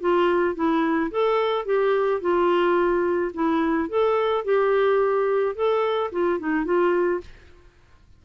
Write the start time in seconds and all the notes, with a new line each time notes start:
0.00 F4
0.55 E4
1.11 A4
1.65 G4
2.21 F4
3.34 E4
3.89 A4
4.44 G4
5.55 A4
6.12 F4
6.39 D#4
6.65 F4